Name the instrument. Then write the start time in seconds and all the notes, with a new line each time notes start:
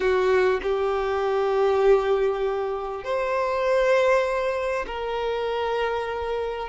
violin
0.00 F#4
0.62 G4
3.04 C5
4.87 A#4